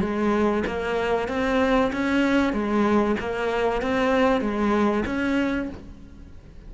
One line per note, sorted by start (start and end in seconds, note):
0.00 0.63 G#3
0.67 1.28 A#3
1.28 1.91 C4
1.92 2.53 C#4
2.53 3.16 G#3
3.20 3.81 A#3
3.81 4.41 C4
4.41 5.04 G#3
5.06 5.69 C#4